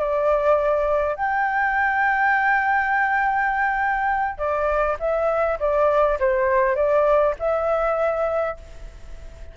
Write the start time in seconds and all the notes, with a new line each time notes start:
0.00 D5
1.16 G5
4.39 D5
5.00 E5
5.60 D5
6.20 C5
6.76 D5
7.40 E5